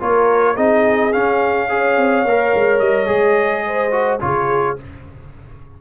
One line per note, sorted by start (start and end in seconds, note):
0.00 0.57 A#3
0.00 0.56 F4
0.00 0.55 A#4
0.00 0.57 C#5
0.55 1.14 C4
0.55 1.12 D#4
0.55 1.67 G#4
0.55 1.13 D#5
1.13 1.69 C#4
1.13 1.98 C#4
1.13 2.80 F5
1.69 2.25 G#4
1.69 3.66 C#5
1.98 2.25 C4
2.25 2.53 A#3
2.25 3.07 A#4
2.55 2.80 G#3
2.80 3.09 G3
2.80 4.20 D#5
3.07 4.21 G#3
3.07 3.91 G#4
3.67 4.23 C5
3.92 4.20 F#4
4.21 4.78 C#3
4.21 4.77 F4
4.21 4.82 G#4
4.21 4.78 C#5